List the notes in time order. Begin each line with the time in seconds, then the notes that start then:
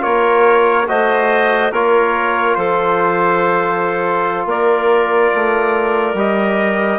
0.00 A#3 F4 A#4 C#5
0.88 A3 F#4 C5 D#5
1.72 A#3 F4 A#4 C#5
2.55 F3 A4 C5
4.46 A#3 A#4 D5
5.34 A3
6.14 G3 G4 D#5